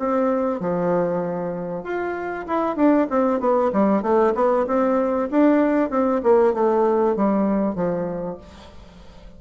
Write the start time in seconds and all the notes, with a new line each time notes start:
0.00 C4
0.61 F3
1.84 F4
2.47 E4
2.77 D4
3.10 C4
3.41 B3
3.74 G3
4.03 A3
4.35 B3
4.67 C4
5.31 D4
5.91 C4
6.24 A#3
6.54 A3
7.16 G3
7.76 F3